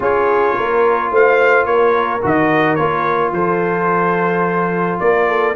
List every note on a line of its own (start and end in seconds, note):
0.00 0.55 C#4
0.00 2.19 F4
0.00 0.55 G#4
0.00 1.13 C#5
0.55 1.11 A#3
0.55 1.11 A#4
1.11 1.65 A3
1.11 1.67 C5
1.11 1.65 F5
1.65 2.21 A#3
1.65 3.34 A#4
1.65 2.21 C#5
2.22 2.78 D#3
2.22 2.77 F#4
2.22 2.75 D#5
2.75 3.32 A#3
2.75 5.55 F4
2.75 3.31 C#5
3.32 4.98 F3
3.32 5.01 A4
3.32 4.99 C5
4.99 5.55 A#3
4.99 5.28 A#4
4.99 5.55 D5
5.28 5.55 A4